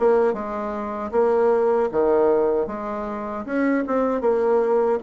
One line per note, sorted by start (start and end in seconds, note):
0.00 0.34 A#3
0.34 1.12 G#3
1.12 1.90 A#3
1.92 2.67 D#3
2.67 3.45 G#3
3.46 3.85 C#4
3.88 4.21 C4
4.21 4.99 A#3